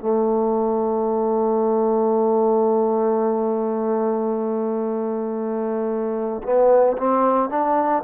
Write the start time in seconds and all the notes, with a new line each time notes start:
0.00 A3
6.43 B3
6.98 C4
7.50 D4